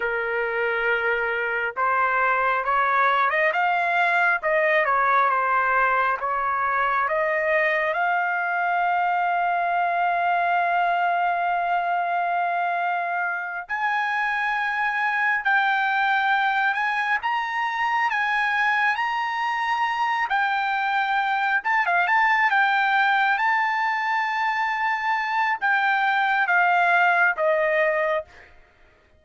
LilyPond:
\new Staff \with { instrumentName = "trumpet" } { \time 4/4 \tempo 4 = 68 ais'2 c''4 cis''8. dis''16 | f''4 dis''8 cis''8 c''4 cis''4 | dis''4 f''2.~ | f''2.~ f''8 gis''8~ |
gis''4. g''4. gis''8 ais''8~ | ais''8 gis''4 ais''4. g''4~ | g''8 a''16 f''16 a''8 g''4 a''4.~ | a''4 g''4 f''4 dis''4 | }